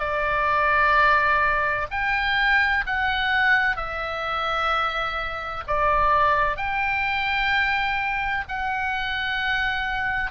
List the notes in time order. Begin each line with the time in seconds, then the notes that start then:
0.00 D5
1.91 G5
2.87 F#5
3.77 E5
5.68 D5
6.57 G5
8.49 F#5